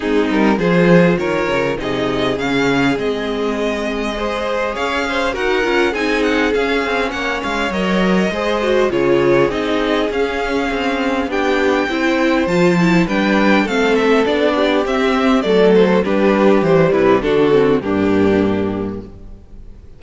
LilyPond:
<<
  \new Staff \with { instrumentName = "violin" } { \time 4/4 \tempo 4 = 101 gis'8 ais'8 c''4 cis''4 dis''4 | f''4 dis''2. | f''4 fis''4 gis''8 fis''8 f''4 | fis''8 f''8 dis''2 cis''4 |
dis''4 f''2 g''4~ | g''4 a''4 g''4 f''8 e''8 | d''4 e''4 d''8 c''8 b'4 | c''8 b'8 a'4 g'2 | }
  \new Staff \with { instrumentName = "violin" } { \time 4/4 dis'4 gis'4 ais'4 gis'4~ | gis'2. c''4 | cis''8 c''8 ais'4 gis'2 | cis''2 c''4 gis'4~ |
gis'2. g'4 | c''2 b'4 a'4~ | a'8 g'4. a'4 g'4~ | g'8 e'8 fis'4 d'2 | }
  \new Staff \with { instrumentName = "viola" } { \time 4/4 c'4 f'2 dis'4 | cis'4 c'2 gis'4~ | gis'4 fis'8 f'8 dis'4 cis'4~ | cis'4 ais'4 gis'8 fis'8 f'4 |
dis'4 cis'2 d'4 | e'4 f'8 e'8 d'4 c'4 | d'4 c'4 a4 d'4 | g4 d'8 c'8 ais2 | }
  \new Staff \with { instrumentName = "cello" } { \time 4/4 gis8 g8 f4 dis8 cis8 c4 | cis4 gis2. | cis'4 dis'8 cis'8 c'4 cis'8 c'8 | ais8 gis8 fis4 gis4 cis4 |
c'4 cis'4 c'4 b4 | c'4 f4 g4 a4 | b4 c'4 fis4 g4 | e8 c8 d4 g,2 | }
>>